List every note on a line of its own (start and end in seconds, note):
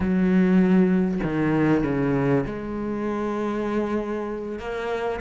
0.00 1.20 F#3
1.23 1.83 D#3
1.83 2.44 C#3
2.46 4.59 G#3
4.59 5.20 A#3